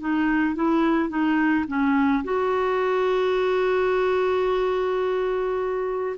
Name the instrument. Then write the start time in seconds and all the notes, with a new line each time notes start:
clarinet
0.00 D#4
0.55 E4
1.09 D#4
1.67 C#4
2.24 F#4